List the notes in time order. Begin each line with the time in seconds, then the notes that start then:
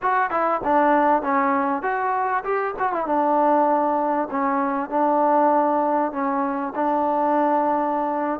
0.02 F#4
0.30 E4
0.63 D4
1.22 C#4
1.82 F#4
2.44 G4
2.79 F#4
2.92 E4
3.06 D4
4.31 C#4
4.89 D4
6.12 C#4
6.75 D4